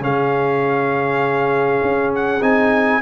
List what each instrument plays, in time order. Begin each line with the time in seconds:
0.00 tuba C#3, trombone C#4, horn G#4, trumpet F5
1.82 tuba C#4
2.15 trumpet F#5
2.41 tuba C4, trombone D#4, trumpet G#5